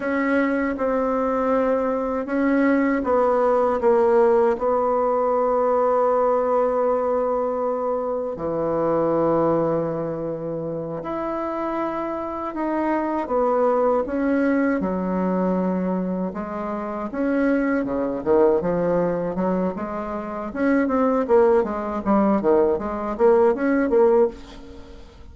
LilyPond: \new Staff \with { instrumentName = "bassoon" } { \time 4/4 \tempo 4 = 79 cis'4 c'2 cis'4 | b4 ais4 b2~ | b2. e4~ | e2~ e8 e'4.~ |
e'8 dis'4 b4 cis'4 fis8~ | fis4. gis4 cis'4 cis8 | dis8 f4 fis8 gis4 cis'8 c'8 | ais8 gis8 g8 dis8 gis8 ais8 cis'8 ais8 | }